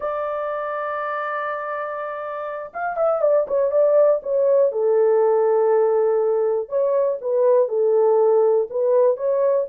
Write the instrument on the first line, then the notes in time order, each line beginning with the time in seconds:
horn
0.00 D5
2.73 F5
2.96 E5
3.21 D5
3.47 C#5
3.71 D5
4.22 C#5
4.72 A4
6.68 C#5
7.21 B4
7.68 A4
8.69 B4
9.16 C#5